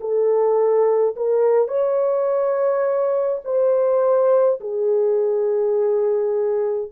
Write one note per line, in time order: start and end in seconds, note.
0.00 1.15 A4
1.16 1.68 A#4
1.68 3.41 C#5
3.44 4.59 C5
4.60 6.91 G#4